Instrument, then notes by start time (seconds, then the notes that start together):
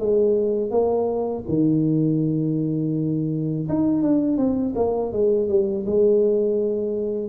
tuba
0.00 G#3
0.71 A#3
1.49 D#3
3.69 D#4
4.02 D4
4.38 C4
4.76 A#3
5.13 G#3
5.49 G3
5.86 G#3